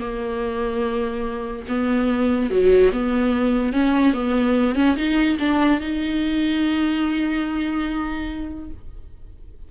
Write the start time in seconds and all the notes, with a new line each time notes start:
0.00 A#3
1.68 B3
2.50 F#3
2.92 B3
3.73 C#4
4.13 B3
4.75 C#4
4.96 D#4
5.39 D4
5.80 D#4